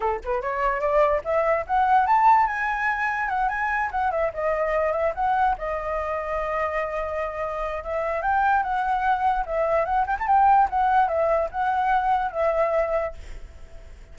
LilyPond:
\new Staff \with { instrumentName = "flute" } { \time 4/4 \tempo 4 = 146 a'8 b'8 cis''4 d''4 e''4 | fis''4 a''4 gis''2 | fis''8 gis''4 fis''8 e''8 dis''4. | e''8 fis''4 dis''2~ dis''8~ |
dis''2. e''4 | g''4 fis''2 e''4 | fis''8 g''16 a''16 g''4 fis''4 e''4 | fis''2 e''2 | }